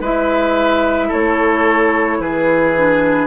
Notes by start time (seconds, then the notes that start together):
0.00 G#3 E4 B4 E5
1.08 A3 A4 C#5
2.19 E3 G#4 B4
2.76 D4